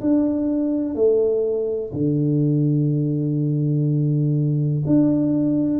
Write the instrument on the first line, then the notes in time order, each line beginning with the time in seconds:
tuba
0.00 D4
0.95 A3
1.93 D3
4.86 D4